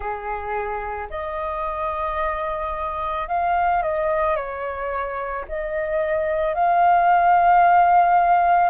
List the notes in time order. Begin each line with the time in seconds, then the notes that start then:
0.00 G#4
1.10 D#5
3.28 F5
3.82 D#5
4.35 C#5
5.48 D#5
6.54 F5